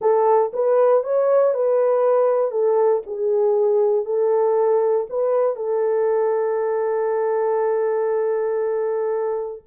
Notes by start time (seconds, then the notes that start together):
0.01 A4
0.53 B4
1.03 C#5
1.53 B4
2.51 A4
3.06 G#4
4.05 A4
5.09 B4
5.56 A4